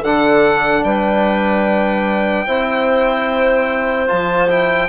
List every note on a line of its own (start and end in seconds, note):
0.00 0.84 D3
0.00 0.81 A4
0.00 0.84 F#5
0.06 2.47 D4
0.84 2.47 G3
0.84 2.47 B4
0.84 4.09 G5
2.47 4.10 C4
2.47 4.08 E4
2.47 4.89 C5
4.08 4.89 F3
4.08 4.48 F4
4.08 4.49 A5
4.49 4.89 E4
4.49 4.89 G5